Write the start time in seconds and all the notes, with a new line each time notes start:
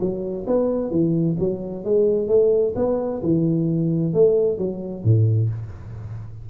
0.00 F#3
0.47 B3
0.91 E3
1.39 F#3
1.84 G#3
2.28 A3
2.75 B3
3.22 E3
4.13 A3
4.58 F#3
5.04 A2